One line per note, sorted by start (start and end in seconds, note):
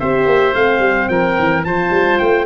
0.00 0.26 C4
0.00 0.55 G4
0.00 1.10 C5
0.00 0.55 E5
0.26 0.54 A#3
0.55 0.80 A3
0.55 1.65 C4
0.55 1.09 F5
0.80 1.07 G3
1.09 1.37 F3
1.09 1.67 A#4
1.09 1.64 G5
1.39 1.66 E3
1.65 1.91 F3
1.65 2.47 F4
1.65 2.47 C5
1.65 2.19 A5
1.91 2.18 G3
2.19 2.47 A3
2.19 2.47 G5